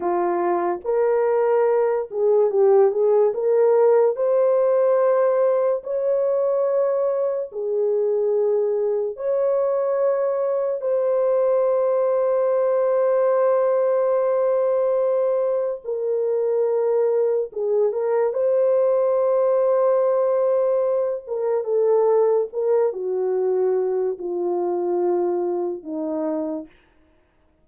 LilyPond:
\new Staff \with { instrumentName = "horn" } { \time 4/4 \tempo 4 = 72 f'4 ais'4. gis'8 g'8 gis'8 | ais'4 c''2 cis''4~ | cis''4 gis'2 cis''4~ | cis''4 c''2.~ |
c''2. ais'4~ | ais'4 gis'8 ais'8 c''2~ | c''4. ais'8 a'4 ais'8 fis'8~ | fis'4 f'2 dis'4 | }